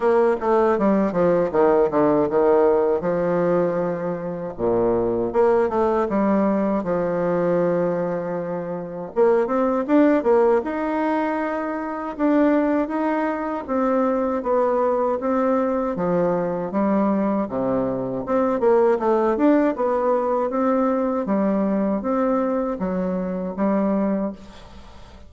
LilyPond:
\new Staff \with { instrumentName = "bassoon" } { \time 4/4 \tempo 4 = 79 ais8 a8 g8 f8 dis8 d8 dis4 | f2 ais,4 ais8 a8 | g4 f2. | ais8 c'8 d'8 ais8 dis'2 |
d'4 dis'4 c'4 b4 | c'4 f4 g4 c4 | c'8 ais8 a8 d'8 b4 c'4 | g4 c'4 fis4 g4 | }